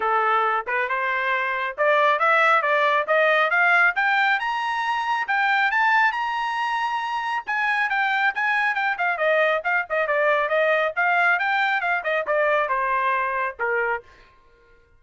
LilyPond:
\new Staff \with { instrumentName = "trumpet" } { \time 4/4 \tempo 4 = 137 a'4. b'8 c''2 | d''4 e''4 d''4 dis''4 | f''4 g''4 ais''2 | g''4 a''4 ais''2~ |
ais''4 gis''4 g''4 gis''4 | g''8 f''8 dis''4 f''8 dis''8 d''4 | dis''4 f''4 g''4 f''8 dis''8 | d''4 c''2 ais'4 | }